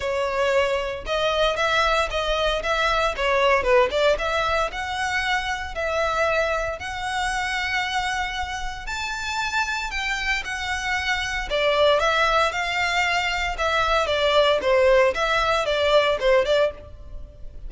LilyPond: \new Staff \with { instrumentName = "violin" } { \time 4/4 \tempo 4 = 115 cis''2 dis''4 e''4 | dis''4 e''4 cis''4 b'8 d''8 | e''4 fis''2 e''4~ | e''4 fis''2.~ |
fis''4 a''2 g''4 | fis''2 d''4 e''4 | f''2 e''4 d''4 | c''4 e''4 d''4 c''8 d''8 | }